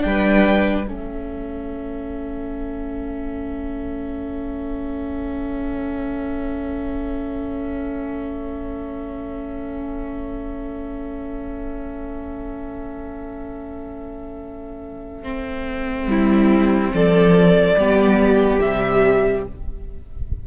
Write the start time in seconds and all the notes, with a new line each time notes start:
0.00 G3 D4 B4 G5
0.86 A3 C#4 A4 E5
15.23 C4
16.07 G3 E4
16.93 F3 A4 D5
17.74 G3 B3 G4
18.60 C3 G3 E5